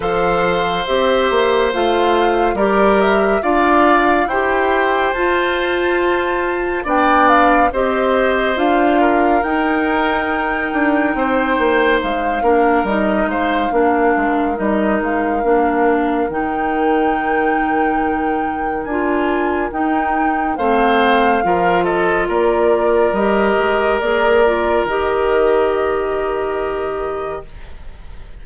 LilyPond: <<
  \new Staff \with { instrumentName = "flute" } { \time 4/4 \tempo 4 = 70 f''4 e''4 f''4 d''8 e''8 | f''4 g''4 a''2 | g''8 f''8 dis''4 f''4 g''4~ | g''2 f''4 dis''8 f''8~ |
f''4 dis''8 f''4. g''4~ | g''2 gis''4 g''4 | f''4. dis''8 d''4 dis''4 | d''4 dis''2. | }
  \new Staff \with { instrumentName = "oboe" } { \time 4/4 c''2. ais'4 | d''4 c''2. | d''4 c''4. ais'4.~ | ais'4 c''4. ais'4 c''8 |
ais'1~ | ais'1 | c''4 ais'8 a'8 ais'2~ | ais'1 | }
  \new Staff \with { instrumentName = "clarinet" } { \time 4/4 a'4 g'4 f'4 g'4 | f'4 g'4 f'2 | d'4 g'4 f'4 dis'4~ | dis'2~ dis'8 d'8 dis'4 |
d'4 dis'4 d'4 dis'4~ | dis'2 f'4 dis'4 | c'4 f'2 g'4 | gis'8 f'8 g'2. | }
  \new Staff \with { instrumentName = "bassoon" } { \time 4/4 f4 c'8 ais8 a4 g4 | d'4 e'4 f'2 | b4 c'4 d'4 dis'4~ | dis'8 d'8 c'8 ais8 gis8 ais8 g8 gis8 |
ais8 gis8 g8 gis8 ais4 dis4~ | dis2 d'4 dis'4 | a4 f4 ais4 g8 gis8 | ais4 dis2. | }
>>